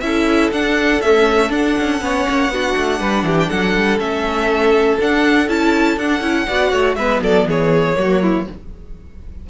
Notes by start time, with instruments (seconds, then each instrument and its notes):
0.00 cello C#4, viola E4, violin A4 E5
0.51 cello D4, viola D4, violin F#5
1.01 viola A3, cello C#4, violin E5
1.50 cello D4, viola D4, violin F#5
1.79 cello C#4
2.00 cello B3, viola C#4, violin C#5
2.29 cello A#3
2.49 cello B3, viola D4, violin F#4
2.76 cello A3
3.00 cello G3, violin B4
3.23 cello E3, violin G4
3.39 violin G5
3.48 cello F#3, violin A4 F#5
3.76 cello G3
3.99 cello A3, viola C#4, violin E5
4.99 cello D4, viola D4, violin F#5
5.48 cello C#4, viola E4, violin A5
5.97 cello D4, viola D4, violin F#5
6.21 cello C#4, viola E4
6.47 cello B3, viola F#4, violin D5
6.71 cello A3, violin C#5
6.95 cello G#3, viola B3, violin B4 E5
7.22 cello F#3, violin A4 D5
7.45 cello E3, violin G#4 C#5
7.95 cello F#3, viola A#3, violin F#4
8.22 violin E4